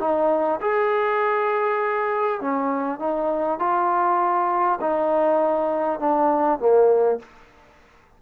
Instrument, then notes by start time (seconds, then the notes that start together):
trombone
0.00 D#4
0.61 G#4
2.41 C#4
2.99 D#4
3.59 F4
4.81 D#4
5.99 D4
6.59 A#3